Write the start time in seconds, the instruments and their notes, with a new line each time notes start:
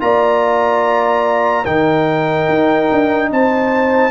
0.00 tuba A#3, trombone F4, horn D5, trumpet A#5
1.63 tuba D#3, trombone D#4, horn A#4, trumpet G5
2.48 tuba D#4
2.92 tuba D4
3.31 tuba C4, horn C5, trumpet A5